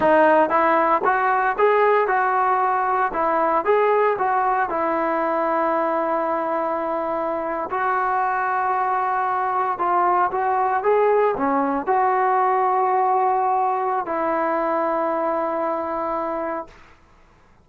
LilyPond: \new Staff \with { instrumentName = "trombone" } { \time 4/4 \tempo 4 = 115 dis'4 e'4 fis'4 gis'4 | fis'2 e'4 gis'4 | fis'4 e'2.~ | e'2~ e'8. fis'4~ fis'16~ |
fis'2~ fis'8. f'4 fis'16~ | fis'8. gis'4 cis'4 fis'4~ fis'16~ | fis'2. e'4~ | e'1 | }